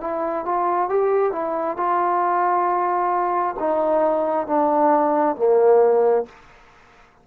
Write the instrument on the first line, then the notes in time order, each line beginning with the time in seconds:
trombone
0.00 E4
0.45 F4
0.89 G4
1.31 E4
1.76 F4
3.59 D#4
4.47 D4
5.36 A#3